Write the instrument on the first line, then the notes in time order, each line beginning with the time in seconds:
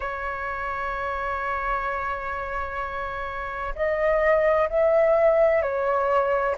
flute
0.00 C#5
3.75 D#5
4.69 E5
5.62 C#5